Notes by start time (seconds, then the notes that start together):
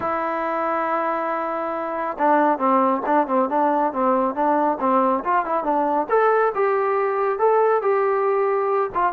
0.00 E4
2.18 D4
2.58 C4
3.06 D4
3.27 C4
3.49 D4
3.92 C4
4.34 D4
4.80 C4
5.24 F4
5.45 E4
5.63 D4
6.09 A4
6.54 G4
7.39 A4
7.81 G4
8.94 F4